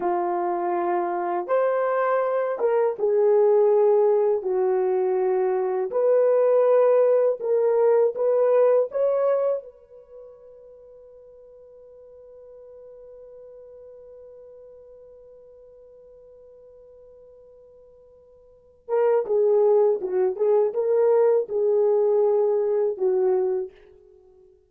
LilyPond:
\new Staff \with { instrumentName = "horn" } { \time 4/4 \tempo 4 = 81 f'2 c''4. ais'8 | gis'2 fis'2 | b'2 ais'4 b'4 | cis''4 b'2.~ |
b'1~ | b'1~ | b'4. ais'8 gis'4 fis'8 gis'8 | ais'4 gis'2 fis'4 | }